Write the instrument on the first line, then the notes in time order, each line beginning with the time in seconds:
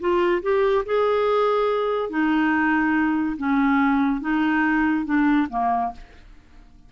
clarinet
0.00 F4
0.43 G4
0.86 G#4
2.10 D#4
3.37 C#4
4.21 D#4
5.06 D4
5.50 A#3